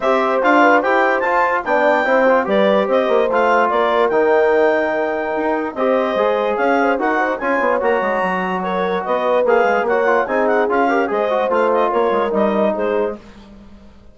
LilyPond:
<<
  \new Staff \with { instrumentName = "clarinet" } { \time 4/4 \tempo 4 = 146 e''4 f''4 g''4 a''4 | g''2 d''4 dis''4 | f''4 d''4 g''2~ | g''2 dis''2 |
f''4 fis''4 gis''4 ais''4~ | ais''4 cis''4 dis''4 f''4 | fis''4 gis''8 fis''8 f''4 dis''4 | f''8 dis''8 cis''4 dis''4 c''4 | }
  \new Staff \with { instrumentName = "horn" } { \time 4/4 c''4. b'8 c''2 | d''4 c''4 b'4 c''4~ | c''4 ais'2.~ | ais'2 c''2 |
cis''8 c''8 ais'8 c''8 cis''2~ | cis''4 ais'4 b'2 | cis''4 gis'4. ais'8 c''4~ | c''4 ais'2 gis'4 | }
  \new Staff \with { instrumentName = "trombone" } { \time 4/4 g'4 f'4 g'4 f'4 | d'4 e'8 f'8 g'2 | f'2 dis'2~ | dis'2 g'4 gis'4~ |
gis'4 fis'4 f'4 fis'4~ | fis'2. gis'4 | fis'8 f'8 dis'4 f'8 g'8 gis'8 fis'8 | f'2 dis'2 | }
  \new Staff \with { instrumentName = "bassoon" } { \time 4/4 c'4 d'4 e'4 f'4 | b4 c'4 g4 c'8 ais8 | a4 ais4 dis2~ | dis4 dis'4 c'4 gis4 |
cis'4 dis'4 cis'8 b8 ais8 gis8 | fis2 b4 ais8 gis8 | ais4 c'4 cis'4 gis4 | a4 ais8 gis8 g4 gis4 | }
>>